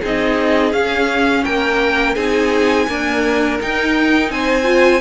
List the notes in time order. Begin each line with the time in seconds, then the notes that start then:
0.00 C4 D#4 G#4 D#5
0.73 C#4 F5
1.44 A#3 A#4 G5
2.15 C4 D#4 G#4 G#5
2.89 A#3 D4 A#4
3.61 D#4 G5
4.30 C4 C5 G#5
4.63 F4